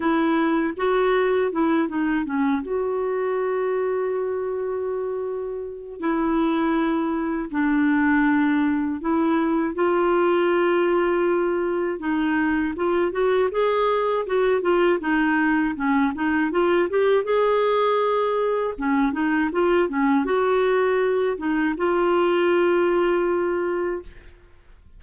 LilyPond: \new Staff \with { instrumentName = "clarinet" } { \time 4/4 \tempo 4 = 80 e'4 fis'4 e'8 dis'8 cis'8 fis'8~ | fis'1 | e'2 d'2 | e'4 f'2. |
dis'4 f'8 fis'8 gis'4 fis'8 f'8 | dis'4 cis'8 dis'8 f'8 g'8 gis'4~ | gis'4 cis'8 dis'8 f'8 cis'8 fis'4~ | fis'8 dis'8 f'2. | }